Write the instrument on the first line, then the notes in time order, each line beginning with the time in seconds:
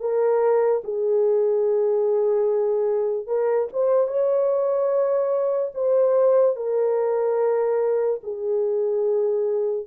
horn
0.00 A#4
0.84 G#4
3.27 A#4
3.73 C5
4.08 C#5
5.75 C5
6.56 A#4
8.23 G#4